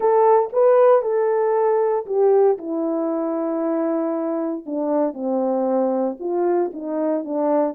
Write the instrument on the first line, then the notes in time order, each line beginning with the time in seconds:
horn
0.00 A4
0.52 B4
1.02 A4
2.05 G4
2.58 E4
4.66 D4
5.13 C4
6.19 F4
6.73 D#4
7.24 D4